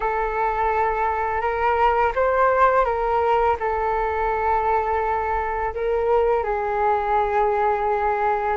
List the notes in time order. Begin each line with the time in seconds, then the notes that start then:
0.00 A4
1.41 A#4
2.15 C5
2.84 A#4
3.59 A4
5.74 A#4
6.43 G#4